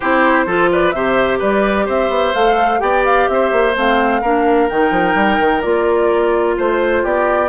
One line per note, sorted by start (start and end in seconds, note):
0.00 0.46 C4
0.00 0.47 E4
0.00 0.45 G4
0.00 0.70 C5
0.46 0.93 F3
0.46 0.94 F4
0.46 0.70 A4
0.71 0.95 B4
0.71 0.91 D5
0.91 1.40 C3
0.91 2.35 G4
0.91 1.38 C5
0.91 1.38 E5
1.38 1.87 G3
1.38 1.85 B4
1.38 1.88 D5
1.85 2.09 C4
1.85 2.79 C5
1.85 2.34 E5
2.09 2.32 B3
2.34 2.81 A3
2.34 2.79 A4
2.34 2.80 F5
2.79 3.28 B3
2.79 3.72 G4
2.79 3.29 D5
2.79 3.03 G5
3.04 3.28 F5
3.28 3.52 C4
3.28 4.21 C5
3.28 3.75 E5
3.52 3.75 A#3
3.75 4.22 A3
3.75 4.22 C4
3.75 4.69 F5
4.21 4.69 A#3
4.21 4.70 D4
4.21 6.55 A#4
4.69 4.90 D#3
4.69 5.62 D#4
4.69 5.61 G5
4.90 5.14 F3
5.15 5.38 G3
5.39 5.63 D#3
5.61 6.57 A#3
5.61 7.48 F4
5.61 6.55 D5
6.57 7.03 A3
6.57 7.03 C5
6.57 7.05 C5
7.03 7.48 B3
7.03 7.48 G4
7.03 7.48 D5